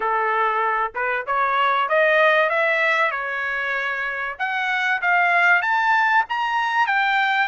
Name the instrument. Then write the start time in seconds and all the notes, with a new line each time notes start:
trumpet
0.00 A4
0.94 B4
1.26 C#5
1.89 D#5
2.49 E5
3.11 C#5
4.38 F#5
5.01 F5
5.62 A5
6.29 A#5
6.87 G5